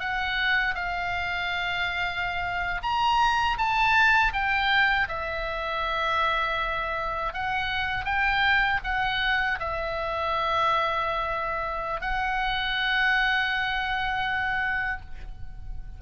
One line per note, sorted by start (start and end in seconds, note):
0.00 0.75 F#5
0.75 2.81 F5
2.83 3.58 A#5
3.58 4.33 A5
4.33 5.08 G5
5.08 7.33 E5
7.33 8.05 F#5
8.05 8.80 G5
8.84 9.59 F#5
9.59 12.01 E5
12.01 15.01 F#5